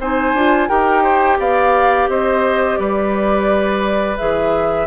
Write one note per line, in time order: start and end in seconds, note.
0.00 0.34 C4
0.00 0.37 D#4
0.00 0.69 C5
0.00 0.69 G#5
0.34 0.69 D4
0.34 0.69 F4
0.69 1.39 D#4
0.69 4.18 G4
0.69 1.03 A#4
0.69 1.39 G5
1.03 1.38 C5
1.39 2.08 B3
1.39 2.10 D5
1.39 2.10 F5
2.08 2.78 C4
2.08 2.80 C5
2.08 2.78 D#5
2.78 4.19 G3
2.78 4.87 B4
2.78 4.17 D5
4.18 4.87 E3
4.18 4.87 G#4
4.18 4.87 E5